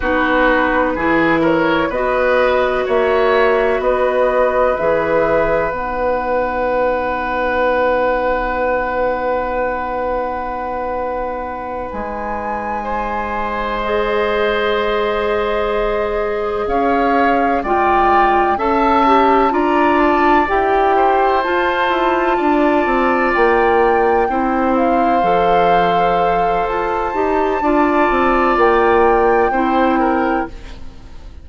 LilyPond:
<<
  \new Staff \with { instrumentName = "flute" } { \time 4/4 \tempo 4 = 63 b'4. cis''8 dis''4 e''4 | dis''4 e''4 fis''2~ | fis''1~ | fis''8 gis''2 dis''4.~ |
dis''4. f''4 g''4 a''8~ | a''8 ais''8 a''8 g''4 a''4.~ | a''8 g''4. f''2 | a''2 g''2 | }
  \new Staff \with { instrumentName = "oboe" } { \time 4/4 fis'4 gis'8 ais'8 b'4 cis''4 | b'1~ | b'1~ | b'4. c''2~ c''8~ |
c''4. cis''4 d''4 e''8~ | e''8 d''4. c''4. d''8~ | d''4. c''2~ c''8~ | c''4 d''2 c''8 ais'8 | }
  \new Staff \with { instrumentName = "clarinet" } { \time 4/4 dis'4 e'4 fis'2~ | fis'4 gis'4 dis'2~ | dis'1~ | dis'2~ dis'8 gis'4.~ |
gis'2~ gis'8 f'4 a'8 | g'8 f'4 g'4 f'4.~ | f'4. e'4 a'4.~ | a'8 g'8 f'2 e'4 | }
  \new Staff \with { instrumentName = "bassoon" } { \time 4/4 b4 e4 b4 ais4 | b4 e4 b2~ | b1~ | b8 gis2.~ gis8~ |
gis4. cis'4 gis4 cis'8~ | cis'8 d'4 e'4 f'8 e'8 d'8 | c'8 ais4 c'4 f4. | f'8 dis'8 d'8 c'8 ais4 c'4 | }
>>